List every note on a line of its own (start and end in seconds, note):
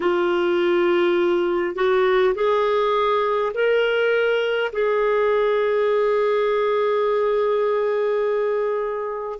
0.00 1.75 F4
1.75 2.34 F#4
2.34 3.52 G#4
3.53 4.71 A#4
4.72 9.39 G#4